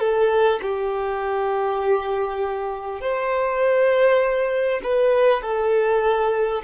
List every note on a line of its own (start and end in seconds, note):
0.00 0.60 A4
0.62 3.01 G4
3.01 4.81 C5
4.83 5.43 B4
5.43 6.63 A4